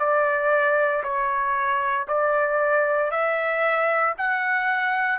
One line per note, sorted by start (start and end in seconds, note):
0.00 1.03 D5
1.04 2.07 C#5
2.08 3.11 D5
3.11 4.15 E5
4.18 5.19 F#5